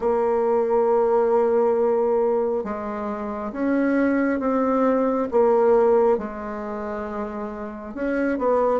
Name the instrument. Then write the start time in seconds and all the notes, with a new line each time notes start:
bassoon
0.00 A#3
2.64 G#3
3.52 C#4
4.39 C4
5.31 A#3
6.18 G#3
7.94 C#4
8.38 B3